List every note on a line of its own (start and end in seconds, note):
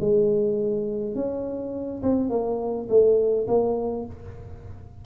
0.00 1.15 G#3
1.15 2.02 C#4
2.03 2.29 C4
2.29 2.88 A#3
2.89 3.47 A3
3.47 4.05 A#3